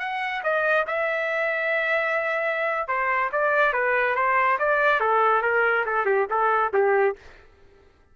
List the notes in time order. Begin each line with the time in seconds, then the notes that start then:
0.00 F#5
0.44 D#5
0.87 E5
2.88 C5
3.33 D5
3.73 B4
4.16 C5
4.59 D5
5.01 A4
5.43 A#4
5.86 A4
6.06 G4
6.30 A4
6.74 G4